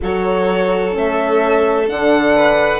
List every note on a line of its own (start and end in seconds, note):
0.01 0.96 F#3
0.01 0.92 F#4
0.01 2.36 A4
0.01 0.97 C#5
0.92 1.89 A3
0.92 1.85 C#4
0.92 1.88 E5
1.86 2.79 D3
1.86 2.79 D4
1.86 2.79 F#5
2.36 2.79 B4